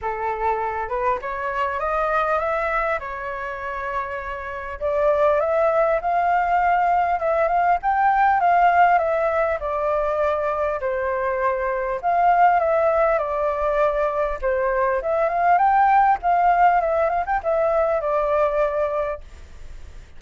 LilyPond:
\new Staff \with { instrumentName = "flute" } { \time 4/4 \tempo 4 = 100 a'4. b'8 cis''4 dis''4 | e''4 cis''2. | d''4 e''4 f''2 | e''8 f''8 g''4 f''4 e''4 |
d''2 c''2 | f''4 e''4 d''2 | c''4 e''8 f''8 g''4 f''4 | e''8 f''16 g''16 e''4 d''2 | }